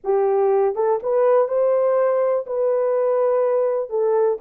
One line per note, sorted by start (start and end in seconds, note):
0.04 0.75 G4
0.75 0.99 A4
1.02 1.48 B4
1.48 2.45 C5
2.46 3.89 B4
3.89 4.38 A4